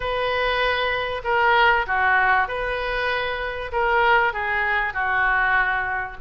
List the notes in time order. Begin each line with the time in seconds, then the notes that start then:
0.00 B4
1.24 A#4
1.86 F#4
2.48 B4
3.71 A#4
4.33 G#4
4.93 F#4